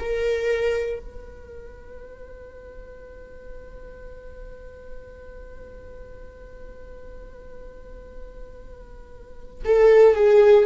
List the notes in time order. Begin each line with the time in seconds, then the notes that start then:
0.00 A#4
1.00 B4
9.65 A4
10.16 G#4